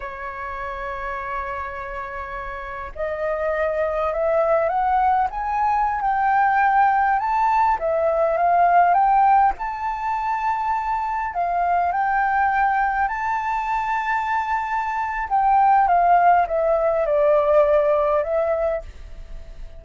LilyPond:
\new Staff \with { instrumentName = "flute" } { \time 4/4 \tempo 4 = 102 cis''1~ | cis''4 dis''2 e''4 | fis''4 gis''4~ gis''16 g''4.~ g''16~ | g''16 a''4 e''4 f''4 g''8.~ |
g''16 a''2. f''8.~ | f''16 g''2 a''4.~ a''16~ | a''2 g''4 f''4 | e''4 d''2 e''4 | }